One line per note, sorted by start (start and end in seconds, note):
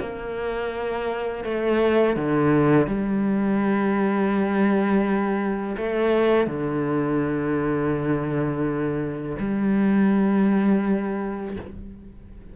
0.00 1.44 A#3
1.44 2.16 A3
2.16 2.87 D3
2.87 5.76 G3
5.77 6.47 A3
6.47 9.36 D3
9.39 11.56 G3